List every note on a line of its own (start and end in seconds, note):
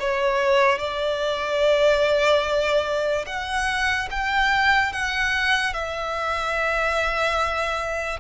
0.00 0.78 C#5
0.78 3.25 D5
3.26 4.08 F#5
4.11 4.92 G5
4.92 5.73 F#5
5.73 8.20 E5